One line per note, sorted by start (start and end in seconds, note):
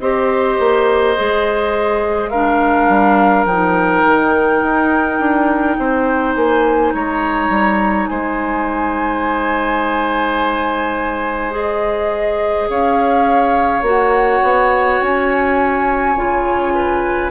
0.00 0.58 C4
0.00 1.17 G4
0.00 2.31 C5
0.00 2.30 D#5
0.60 1.18 A#3
1.17 2.89 G#3
1.17 2.32 G#4
2.30 3.49 D4
2.30 5.77 A#4
2.30 3.45 F5
2.89 3.46 G3
3.46 4.03 F3
3.46 11.52 D#4
3.46 6.35 G5
4.06 4.63 D#3
4.63 5.20 D#4
5.20 5.78 D4
5.79 6.36 C4
5.79 6.94 C5
6.35 6.94 A#3
6.35 6.93 G#5
6.94 7.50 G#3
6.94 8.10 C#5
6.94 8.07 A#5
7.50 8.07 G3
8.07 12.69 G#3
8.07 12.70 C5
8.07 11.53 G#5
11.52 13.82 G#4
11.52 12.69 D#5
12.69 13.82 C#4
12.69 16.74 C#5
12.69 13.85 F5
13.82 14.40 A#3
13.82 16.16 F#4
13.89 15.02 F#5
14.43 15.01 B3
15.01 16.16 C#4
15.01 17.31 G#5
16.16 17.31 C#3
16.16 17.31 F4
16.75 17.31 B4